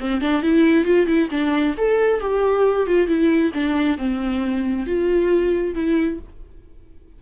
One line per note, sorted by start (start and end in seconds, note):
0.00 0.20 C4
0.20 0.42 D4
0.42 0.84 E4
0.84 1.06 F4
1.06 1.28 E4
1.30 1.75 D4
1.77 2.20 A4
2.20 2.86 G4
2.86 3.07 F4
3.07 3.51 E4
3.54 3.97 D4
3.97 4.86 C4
4.86 5.74 F4
5.74 6.19 E4